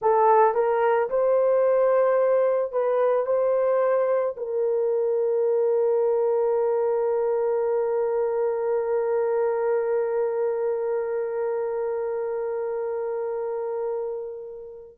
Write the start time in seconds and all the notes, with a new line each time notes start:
0.01 A4
0.54 A#4
1.09 C5
2.72 B4
3.26 C5
4.36 A#4